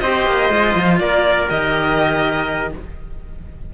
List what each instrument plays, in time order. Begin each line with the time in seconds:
0.00 cello C4 G4, trumpet C5, violin D#5
0.27 cello A#3
0.50 cello G#3 F4
0.75 cello F3
1.00 cello A#3, trumpet A#4, violin D5
1.49 cello D#3 G4, violin D#5